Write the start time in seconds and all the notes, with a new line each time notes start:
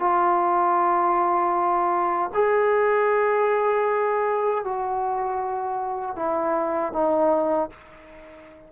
0.00 F4
2.34 G#4
4.65 F#4
6.16 E4
6.93 D#4